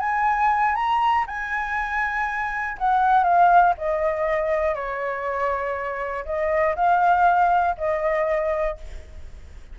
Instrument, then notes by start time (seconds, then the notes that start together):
flute
0.00 G#5
0.75 A#5
1.27 G#5
2.78 F#5
3.23 F5
3.78 D#5
4.75 C#5
6.25 D#5
6.76 F5
7.78 D#5